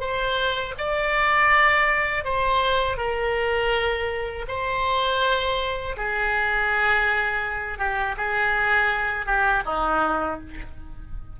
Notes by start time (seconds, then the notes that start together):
0.00 C5
0.78 D5
2.25 C5
2.97 A#4
4.48 C5
5.97 G#4
7.78 G4
8.17 G#4
9.26 G4
9.66 D#4